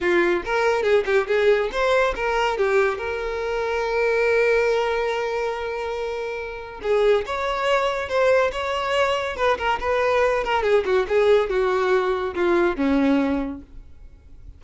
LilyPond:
\new Staff \with { instrumentName = "violin" } { \time 4/4 \tempo 4 = 141 f'4 ais'4 gis'8 g'8 gis'4 | c''4 ais'4 g'4 ais'4~ | ais'1~ | ais'1 |
gis'4 cis''2 c''4 | cis''2 b'8 ais'8 b'4~ | b'8 ais'8 gis'8 fis'8 gis'4 fis'4~ | fis'4 f'4 cis'2 | }